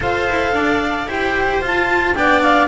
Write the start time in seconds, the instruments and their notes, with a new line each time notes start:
0.00 double bass F4, cello A4, viola C5, clarinet F5
0.29 double bass E4
0.52 double bass D4, viola D5
1.06 double bass E4, cello G4, viola C5, clarinet G5
1.60 double bass F4, cello F4, clarinet A5
2.14 double bass B3, cello D4, viola D5, clarinet G5
2.42 clarinet F5